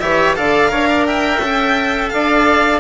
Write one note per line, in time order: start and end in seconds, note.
0.00 0.37 E3
0.00 0.36 G4
0.00 0.37 C#5
0.00 0.35 E5
0.36 0.72 D3
0.36 0.69 A4
0.36 0.71 D5
0.36 1.06 F5
0.69 1.39 D4
0.69 1.39 A#4
0.69 0.89 C#5
0.90 1.07 D5
1.06 2.13 E5
1.06 2.09 G5
1.39 2.10 C#4
1.39 2.80 A4
2.09 2.80 D4
2.09 2.80 D5
2.09 2.80 F5